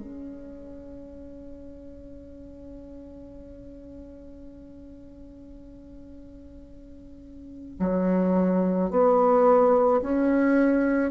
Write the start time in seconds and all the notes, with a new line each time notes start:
0.00 C#4
7.80 F#3
8.90 B3
10.02 C#4